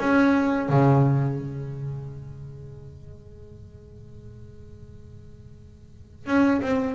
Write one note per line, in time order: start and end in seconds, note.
0.00 0.70 C#4
0.70 1.39 C#3
1.39 6.27 G#3
6.27 6.62 C#4
6.62 6.96 C4